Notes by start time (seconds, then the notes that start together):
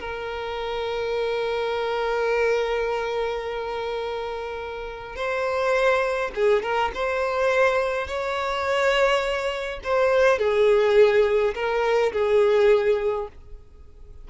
0.00 A#4
5.16 C5
6.35 G#4
6.63 A#4
6.94 C5
8.07 C#5
9.84 C5
10.39 G#4
11.55 A#4
12.13 G#4